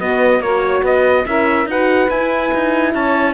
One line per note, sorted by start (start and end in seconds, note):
0.00 0.39 B3
0.00 0.44 B3
0.00 0.42 F#4
0.00 0.42 D#5
0.39 0.81 A#3
0.39 1.26 F#4
0.39 0.63 A#4
0.39 0.84 C#5
0.64 0.82 C#5
0.82 1.25 B3
0.82 1.24 B4
0.82 1.26 D#5
1.26 1.66 C#4
1.26 1.67 E4
1.26 1.69 A#4
1.26 1.68 E5
1.66 2.08 D#4
1.66 2.11 F#4
1.66 2.93 B4
1.66 2.10 F#5
2.10 2.52 E4
2.10 3.34 E4
2.10 2.94 G#5
2.54 2.94 D#4
2.93 3.34 C#4
2.93 3.34 C#5
2.93 3.34 A5